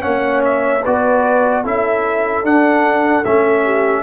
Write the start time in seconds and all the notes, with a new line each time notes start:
0.00 A#3 C#4 C#5 F#5
0.44 E5
0.82 B3 F#4 B4 D5
1.63 C#4 E4 A4 E5
2.44 D4 F#5
3.24 A3 C#4 E5
3.64 G4